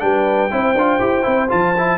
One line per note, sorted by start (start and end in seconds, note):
0.00 0.52 G3
0.00 0.50 D4
0.00 0.52 B4
0.00 1.50 G5
0.51 0.75 C4
0.51 0.76 E4
0.51 1.98 C5
0.75 1.00 D4
0.75 1.00 F4
1.00 1.25 E4
1.00 1.23 G4
1.23 1.52 C4
1.23 1.48 E4
1.49 1.98 F3
1.49 1.74 F4
1.49 1.98 A5
1.78 1.98 E4